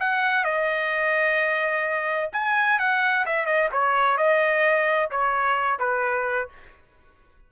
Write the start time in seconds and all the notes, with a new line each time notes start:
0.00 F#5
0.44 D#5
2.33 G#5
2.79 F#5
3.26 E5
3.46 D#5
3.72 C#5
4.17 D#5
5.11 C#5
5.79 B4